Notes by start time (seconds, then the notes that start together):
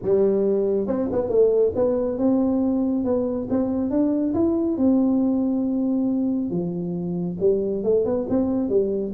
0.02 G3
0.87 C4
1.11 B3
1.29 A3
1.75 B3
2.18 C4
3.04 B3
3.50 C4
3.90 D4
4.34 E4
4.77 C4
6.50 F3
7.40 G3
7.83 A3
8.05 B3
8.29 C4
8.69 G3